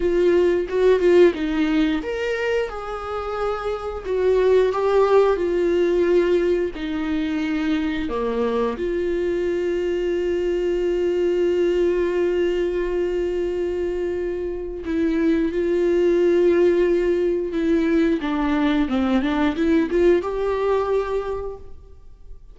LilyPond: \new Staff \with { instrumentName = "viola" } { \time 4/4 \tempo 4 = 89 f'4 fis'8 f'8 dis'4 ais'4 | gis'2 fis'4 g'4 | f'2 dis'2 | ais4 f'2.~ |
f'1~ | f'2 e'4 f'4~ | f'2 e'4 d'4 | c'8 d'8 e'8 f'8 g'2 | }